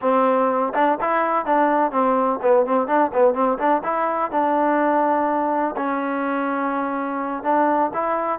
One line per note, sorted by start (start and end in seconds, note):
0.01 0.73 C4
0.74 0.98 D4
1.00 1.45 E4
1.45 1.91 D4
1.91 2.39 C4
2.42 2.66 B3
2.66 2.87 C4
2.87 3.11 D4
3.13 3.34 B3
3.34 3.58 C4
3.58 3.82 D4
3.83 4.31 E4
4.31 5.75 D4
5.76 7.43 C#4
7.43 7.91 D4
7.93 8.39 E4